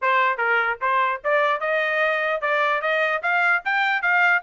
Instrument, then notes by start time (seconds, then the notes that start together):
trumpet
0.01 C5
0.37 A#4
0.81 C5
1.23 D5
1.60 D#5
2.41 D5
2.81 D#5
3.22 F5
3.64 G5
4.02 F5